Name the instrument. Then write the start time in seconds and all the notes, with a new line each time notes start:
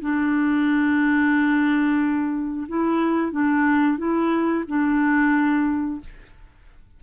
clarinet
0.00 D4
2.68 E4
3.32 D4
3.97 E4
4.67 D4